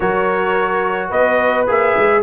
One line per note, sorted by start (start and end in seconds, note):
0.00 1.11 F#3
0.00 1.67 F#4
0.00 1.09 A#4
0.00 1.11 C#5
1.09 1.67 B3
1.09 2.21 B4
1.09 1.67 D#5
1.67 1.96 A#3
1.67 2.23 G#4
1.67 2.23 E5
1.97 2.23 G#3